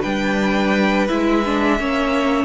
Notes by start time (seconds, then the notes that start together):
0.00 G3 D4 B4 G5
1.08 G#3 E4 E5
1.46 D4
1.79 A#3 C#4 C#5